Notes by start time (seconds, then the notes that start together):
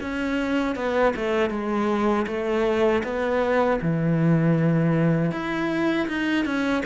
0.00 C#4
0.75 B3
1.16 A3
1.49 G#3
2.27 A3
3.03 B3
3.81 E3
5.31 E4
6.08 D#4
6.45 C#4